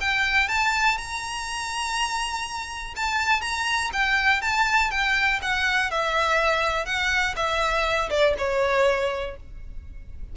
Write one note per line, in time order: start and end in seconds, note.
0.00 0.48 G5
0.48 0.97 A5
0.97 2.94 A#5
2.96 3.41 A5
3.41 3.90 A#5
3.93 4.42 G5
4.42 4.90 A5
4.90 5.40 G5
5.42 5.90 F#5
5.90 6.85 E5
6.85 7.35 F#5
7.36 8.10 E5
8.10 8.34 D5
8.38 9.36 C#5